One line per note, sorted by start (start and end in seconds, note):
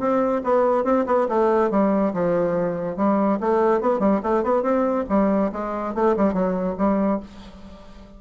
0.00 0.42 C4
0.44 0.85 B3
0.85 1.06 C4
1.07 1.28 B3
1.29 1.71 A3
1.71 2.13 G3
2.14 2.97 F3
2.97 3.39 G3
3.41 3.81 A3
3.81 4.00 B3
4.00 4.21 G3
4.23 4.44 A3
4.44 4.63 B3
4.63 5.05 C4
5.10 5.52 G3
5.53 5.95 G#3
5.95 6.16 A3
6.17 6.34 G3
6.34 6.76 F#3
6.78 7.20 G3